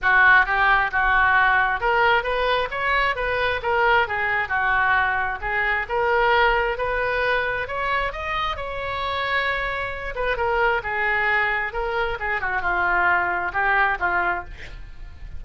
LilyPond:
\new Staff \with { instrumentName = "oboe" } { \time 4/4 \tempo 4 = 133 fis'4 g'4 fis'2 | ais'4 b'4 cis''4 b'4 | ais'4 gis'4 fis'2 | gis'4 ais'2 b'4~ |
b'4 cis''4 dis''4 cis''4~ | cis''2~ cis''8 b'8 ais'4 | gis'2 ais'4 gis'8 fis'8 | f'2 g'4 f'4 | }